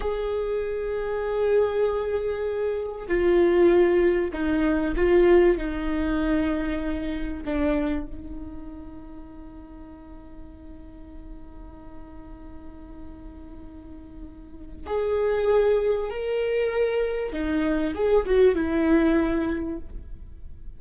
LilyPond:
\new Staff \with { instrumentName = "viola" } { \time 4/4 \tempo 4 = 97 gis'1~ | gis'4 f'2 dis'4 | f'4 dis'2. | d'4 dis'2.~ |
dis'1~ | dis'1 | gis'2 ais'2 | dis'4 gis'8 fis'8 e'2 | }